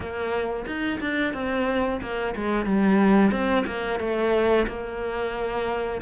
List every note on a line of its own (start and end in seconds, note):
0.00 0.65 A#3
0.66 0.99 D#4
1.00 1.33 D4
1.33 2.00 C4
2.01 2.35 A#3
2.35 2.65 G#3
2.65 3.31 G3
3.31 3.65 C4
3.66 3.99 A#3
3.99 4.66 A3
4.67 6.01 A#3